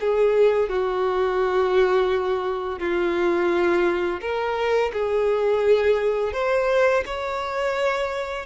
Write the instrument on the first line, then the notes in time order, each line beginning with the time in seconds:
violin
0.00 G#4
0.69 F#4
2.79 F4
4.21 A#4
4.93 G#4
6.33 C5
7.05 C#5